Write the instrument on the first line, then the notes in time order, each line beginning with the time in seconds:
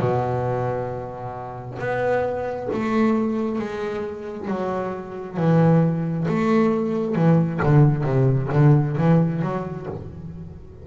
double bass
0.00 B2
1.79 B3
2.73 A3
3.59 G#3
4.48 F#3
5.37 E3
6.28 A3
7.15 E3
7.63 D3
8.04 C3
8.52 D3
8.98 E3
9.42 F#3